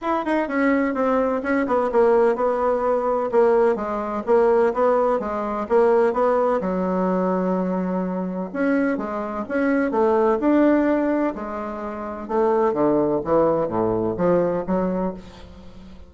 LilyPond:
\new Staff \with { instrumentName = "bassoon" } { \time 4/4 \tempo 4 = 127 e'8 dis'8 cis'4 c'4 cis'8 b8 | ais4 b2 ais4 | gis4 ais4 b4 gis4 | ais4 b4 fis2~ |
fis2 cis'4 gis4 | cis'4 a4 d'2 | gis2 a4 d4 | e4 a,4 f4 fis4 | }